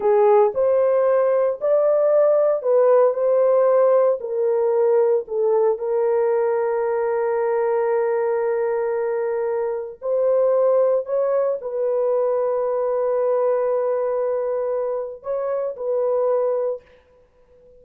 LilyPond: \new Staff \with { instrumentName = "horn" } { \time 4/4 \tempo 4 = 114 gis'4 c''2 d''4~ | d''4 b'4 c''2 | ais'2 a'4 ais'4~ | ais'1~ |
ais'2. c''4~ | c''4 cis''4 b'2~ | b'1~ | b'4 cis''4 b'2 | }